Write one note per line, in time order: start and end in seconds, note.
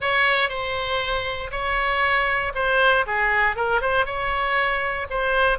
0.00 0.49 C#5
0.49 1.50 C5
1.51 2.53 C#5
2.54 3.05 C5
3.06 3.55 G#4
3.55 3.81 A#4
3.81 4.05 C5
4.05 5.07 C#5
5.09 5.58 C5